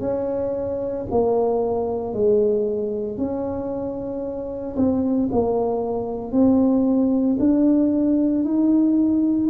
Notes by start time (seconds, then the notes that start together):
0.00 C#4
1.11 A#3
2.13 G#3
3.18 C#4
4.77 C4
5.32 A#3
6.32 C4
7.39 D4
8.44 D#4